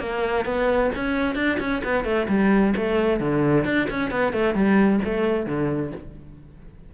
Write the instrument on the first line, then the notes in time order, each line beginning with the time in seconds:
cello
0.00 A#3
0.45 B3
0.96 C#4
1.36 D4
1.60 C#4
1.84 B3
2.05 A3
2.29 G3
2.77 A3
3.20 D3
3.65 D4
3.90 C#4
4.11 B3
4.33 A3
4.55 G3
5.05 A3
5.46 D3